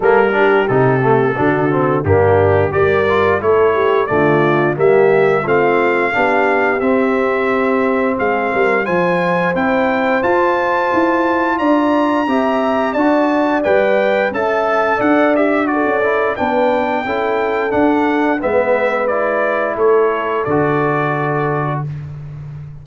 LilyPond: <<
  \new Staff \with { instrumentName = "trumpet" } { \time 4/4 \tempo 4 = 88 ais'4 a'2 g'4 | d''4 cis''4 d''4 e''4 | f''2 e''2 | f''4 gis''4 g''4 a''4~ |
a''4 ais''2 a''4 | g''4 a''4 fis''8 e''8 d''4 | g''2 fis''4 e''4 | d''4 cis''4 d''2 | }
  \new Staff \with { instrumentName = "horn" } { \time 4/4 a'8 g'4. fis'4 d'4 | ais'4 a'8 g'8 f'4 g'4 | f'4 g'2. | gis'8 ais'8 c''2.~ |
c''4 d''4 e''4 d''4~ | d''4 e''4 d''4 a'4 | b'4 a'2 b'4~ | b'4 a'2. | }
  \new Staff \with { instrumentName = "trombone" } { \time 4/4 ais8 d'8 dis'8 a8 d'8 c'8 ais4 | g'8 f'8 e'4 a4 ais4 | c'4 d'4 c'2~ | c'4 f'4 e'4 f'4~ |
f'2 g'4 fis'4 | b'4 a'4. g'8 fis'8 e'8 | d'4 e'4 d'4 b4 | e'2 fis'2 | }
  \new Staff \with { instrumentName = "tuba" } { \time 4/4 g4 c4 d4 g,4 | g4 a4 d4 g4 | a4 b4 c'2 | gis8 g8 f4 c'4 f'4 |
e'4 d'4 c'4 d'4 | g4 cis'4 d'4~ d'16 cis'8. | b4 cis'4 d'4 gis4~ | gis4 a4 d2 | }
>>